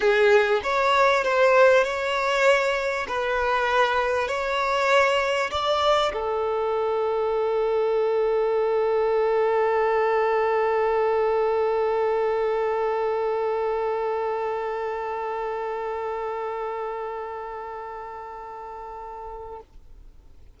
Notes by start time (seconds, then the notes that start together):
0.00 G#4
0.63 C#5
1.24 C5
1.84 C#5
3.08 B4
4.27 C#5
5.50 D5
6.13 A4